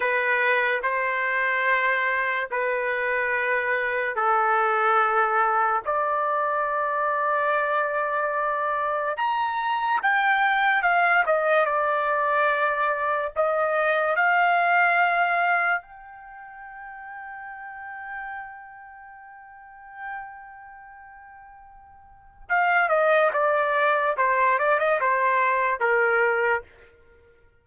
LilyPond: \new Staff \with { instrumentName = "trumpet" } { \time 4/4 \tempo 4 = 72 b'4 c''2 b'4~ | b'4 a'2 d''4~ | d''2. ais''4 | g''4 f''8 dis''8 d''2 |
dis''4 f''2 g''4~ | g''1~ | g''2. f''8 dis''8 | d''4 c''8 d''16 dis''16 c''4 ais'4 | }